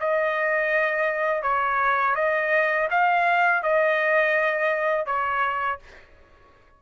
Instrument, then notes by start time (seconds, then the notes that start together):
trumpet
0.00 D#5
1.43 C#5
2.16 D#5
2.90 F5
3.63 D#5
5.06 C#5